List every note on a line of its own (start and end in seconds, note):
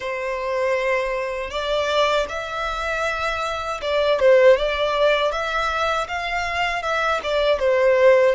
0.00 1.50 C5
1.50 2.26 D5
2.29 3.80 E5
3.81 4.19 D5
4.19 4.56 C5
4.56 5.31 D5
5.31 6.07 E5
6.08 6.82 F5
6.82 7.20 E5
7.23 7.59 D5
7.59 8.35 C5